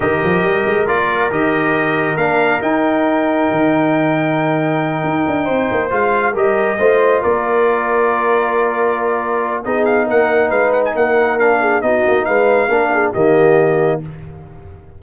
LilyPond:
<<
  \new Staff \with { instrumentName = "trumpet" } { \time 4/4 \tempo 4 = 137 dis''2 d''4 dis''4~ | dis''4 f''4 g''2~ | g''1~ | g''4. f''4 dis''4.~ |
dis''8 d''2.~ d''8~ | d''2 dis''8 f''8 fis''4 | f''8 fis''16 gis''16 fis''4 f''4 dis''4 | f''2 dis''2 | }
  \new Staff \with { instrumentName = "horn" } { \time 4/4 ais'1~ | ais'1~ | ais'1~ | ais'8 c''2 ais'4 c''8~ |
c''8 ais'2.~ ais'8~ | ais'2 gis'4 ais'4 | b'4 ais'4. gis'8 fis'4 | b'4 ais'8 gis'8 g'2 | }
  \new Staff \with { instrumentName = "trombone" } { \time 4/4 g'2 f'4 g'4~ | g'4 d'4 dis'2~ | dis'1~ | dis'4. f'4 g'4 f'8~ |
f'1~ | f'2 dis'2~ | dis'2 d'4 dis'4~ | dis'4 d'4 ais2 | }
  \new Staff \with { instrumentName = "tuba" } { \time 4/4 dis8 f8 g8 gis8 ais4 dis4~ | dis4 ais4 dis'2 | dis2.~ dis8 dis'8 | d'8 c'8 ais8 gis4 g4 a8~ |
a8 ais2.~ ais8~ | ais2 b4 ais4 | gis4 ais2 b8 ais8 | gis4 ais4 dis2 | }
>>